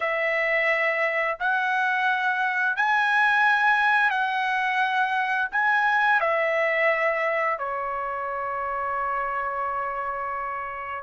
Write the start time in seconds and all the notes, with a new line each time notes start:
0.00 E5
1.39 F#5
2.76 G#5
4.10 F#5
5.51 G#5
6.20 E5
7.58 C#5